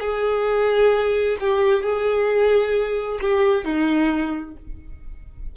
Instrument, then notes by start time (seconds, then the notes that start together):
violin
0.00 G#4
1.40 G4
1.83 G#4
3.21 G4
3.65 D#4